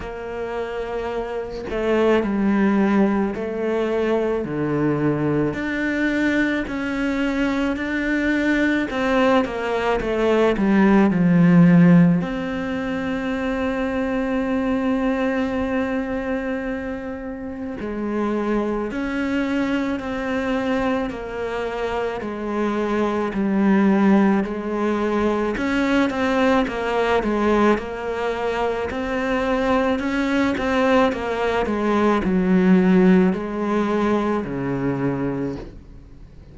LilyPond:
\new Staff \with { instrumentName = "cello" } { \time 4/4 \tempo 4 = 54 ais4. a8 g4 a4 | d4 d'4 cis'4 d'4 | c'8 ais8 a8 g8 f4 c'4~ | c'1 |
gis4 cis'4 c'4 ais4 | gis4 g4 gis4 cis'8 c'8 | ais8 gis8 ais4 c'4 cis'8 c'8 | ais8 gis8 fis4 gis4 cis4 | }